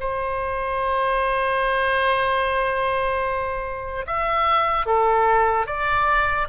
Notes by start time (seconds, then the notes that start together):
0.00 C5
4.07 E5
4.86 A4
5.66 D5